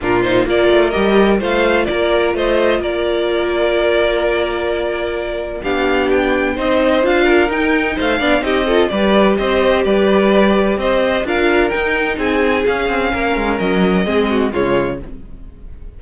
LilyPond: <<
  \new Staff \with { instrumentName = "violin" } { \time 4/4 \tempo 4 = 128 ais'8 c''8 d''4 dis''4 f''4 | d''4 dis''4 d''2~ | d''1 | f''4 g''4 dis''4 f''4 |
g''4 f''4 dis''4 d''4 | dis''4 d''2 dis''4 | f''4 g''4 gis''4 f''4~ | f''4 dis''2 cis''4 | }
  \new Staff \with { instrumentName = "violin" } { \time 4/4 f'4 ais'2 c''4 | ais'4 c''4 ais'2~ | ais'1 | g'2 c''4. ais'8~ |
ais'4 c''8 d''8 g'8 a'8 b'4 | c''4 b'2 c''4 | ais'2 gis'2 | ais'2 gis'8 fis'8 f'4 | }
  \new Staff \with { instrumentName = "viola" } { \time 4/4 d'8 dis'8 f'4 g'4 f'4~ | f'1~ | f'1 | d'2 dis'4 f'4 |
dis'4. d'8 dis'8 f'8 g'4~ | g'1 | f'4 dis'2 cis'4~ | cis'2 c'4 gis4 | }
  \new Staff \with { instrumentName = "cello" } { \time 4/4 ais,4 ais8 a8 g4 a4 | ais4 a4 ais2~ | ais1 | b2 c'4 d'4 |
dis'4 a8 b8 c'4 g4 | c'4 g2 c'4 | d'4 dis'4 c'4 cis'8 c'8 | ais8 gis8 fis4 gis4 cis4 | }
>>